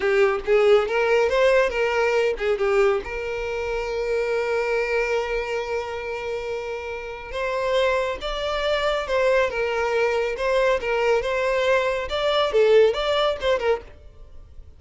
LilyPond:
\new Staff \with { instrumentName = "violin" } { \time 4/4 \tempo 4 = 139 g'4 gis'4 ais'4 c''4 | ais'4. gis'8 g'4 ais'4~ | ais'1~ | ais'1~ |
ais'4 c''2 d''4~ | d''4 c''4 ais'2 | c''4 ais'4 c''2 | d''4 a'4 d''4 c''8 ais'8 | }